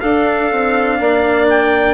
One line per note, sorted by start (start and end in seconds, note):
0.00 1.94 D4
0.00 0.51 D4
0.00 0.99 A4
0.00 1.48 F5
0.51 0.99 C4
0.99 1.94 A#3
0.99 1.94 D5
1.49 1.94 G5